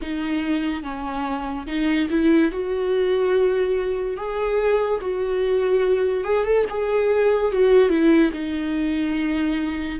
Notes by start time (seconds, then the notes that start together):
0.01 D#4
0.83 C#4
1.67 D#4
2.09 E4
2.51 F#4
4.17 G#4
5.00 F#4
6.24 G#4
6.44 A4
6.69 G#4
7.52 F#4
7.89 E4
8.32 D#4